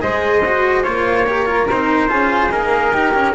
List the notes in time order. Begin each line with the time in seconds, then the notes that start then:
0.00 G#3 G#4 C5 D#5
0.45 F#4
0.83 A#3 F4 C#5
1.26 G4 A#4
1.45 F4
1.70 C4 D#4 C5
2.08 C#4 F4 G#4
2.49 A#3 D#4 A#4
2.93 D#4 G4
3.14 C#4